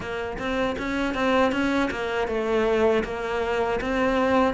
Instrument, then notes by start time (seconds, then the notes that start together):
cello
0.00 A#3
0.38 C4
0.78 C#4
1.14 C4
1.52 C#4
1.91 A#3
2.27 A3
3.04 A#3
3.80 C4